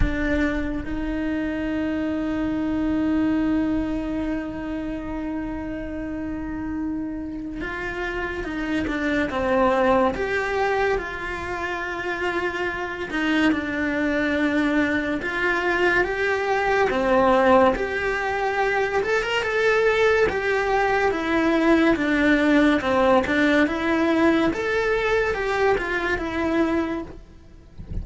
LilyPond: \new Staff \with { instrumentName = "cello" } { \time 4/4 \tempo 4 = 71 d'4 dis'2.~ | dis'1~ | dis'4 f'4 dis'8 d'8 c'4 | g'4 f'2~ f'8 dis'8 |
d'2 f'4 g'4 | c'4 g'4. a'16 ais'16 a'4 | g'4 e'4 d'4 c'8 d'8 | e'4 a'4 g'8 f'8 e'4 | }